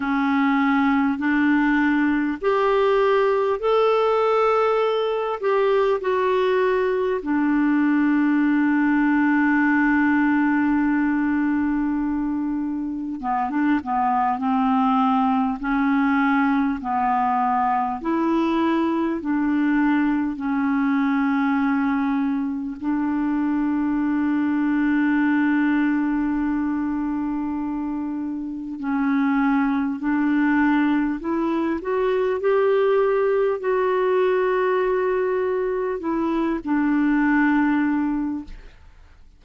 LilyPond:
\new Staff \with { instrumentName = "clarinet" } { \time 4/4 \tempo 4 = 50 cis'4 d'4 g'4 a'4~ | a'8 g'8 fis'4 d'2~ | d'2. b16 d'16 b8 | c'4 cis'4 b4 e'4 |
d'4 cis'2 d'4~ | d'1 | cis'4 d'4 e'8 fis'8 g'4 | fis'2 e'8 d'4. | }